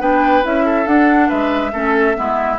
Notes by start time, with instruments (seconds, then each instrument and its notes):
0.00 bassoon B3, clarinet D4, oboe B4, flute G5
0.43 bassoon C#4, clarinet E4, flute E5
0.65 oboe A4
0.86 clarinet D4, bassoon D4, flute F#5
1.29 bassoon G#3, oboe B4, flute E5
1.73 bassoon A3, clarinet C#4, oboe A4
2.15 bassoon G#3, clarinet B3, oboe E4